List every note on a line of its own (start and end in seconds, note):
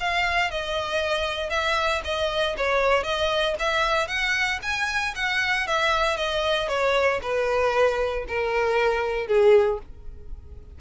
0.00 0.51 F5
0.51 1.50 D#5
1.50 2.01 E5
2.04 2.56 D#5
2.57 3.03 C#5
3.03 3.55 D#5
3.59 4.08 E5
4.08 4.59 F#5
4.62 5.14 G#5
5.15 5.67 F#5
5.67 6.17 E5
6.17 6.68 D#5
6.68 7.20 C#5
7.22 8.25 B4
8.28 9.27 A#4
9.27 9.79 G#4